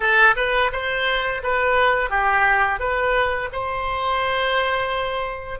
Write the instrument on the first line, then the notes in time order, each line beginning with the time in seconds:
oboe
0.00 A4
0.36 B4
0.72 C5
1.43 B4
2.09 G4
2.79 B4
3.52 C5